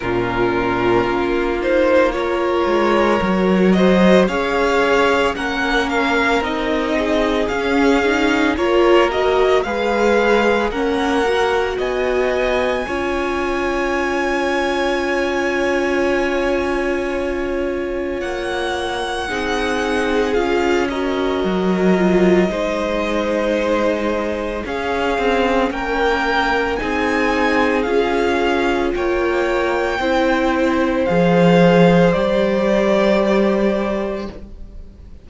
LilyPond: <<
  \new Staff \with { instrumentName = "violin" } { \time 4/4 \tempo 4 = 56 ais'4. c''8 cis''4. dis''8 | f''4 fis''8 f''8 dis''4 f''4 | cis''8 dis''8 f''4 fis''4 gis''4~ | gis''1~ |
gis''4 fis''2 f''8 dis''8~ | dis''2. f''4 | g''4 gis''4 f''4 g''4~ | g''4 f''4 d''2 | }
  \new Staff \with { instrumentName = "violin" } { \time 4/4 f'2 ais'4. c''8 | cis''4 ais'4. gis'4. | ais'4 b'4 ais'4 dis''4 | cis''1~ |
cis''2 gis'4. ais'8~ | ais'4 c''2 gis'4 | ais'4 gis'2 cis''4 | c''1 | }
  \new Staff \with { instrumentName = "viola" } { \time 4/4 cis'4. dis'8 f'4 fis'4 | gis'4 cis'4 dis'4 cis'8 dis'8 | f'8 fis'8 gis'4 cis'8 fis'4. | f'1~ |
f'2 dis'4 f'8 fis'8~ | fis'8 f'8 dis'2 cis'4~ | cis'4 dis'4 f'2 | e'4 gis'4 g'2 | }
  \new Staff \with { instrumentName = "cello" } { \time 4/4 ais,4 ais4. gis8 fis4 | cis'4 ais4 c'4 cis'4 | ais4 gis4 ais4 b4 | cis'1~ |
cis'4 ais4 c'4 cis'4 | fis4 gis2 cis'8 c'8 | ais4 c'4 cis'4 ais4 | c'4 f4 g2 | }
>>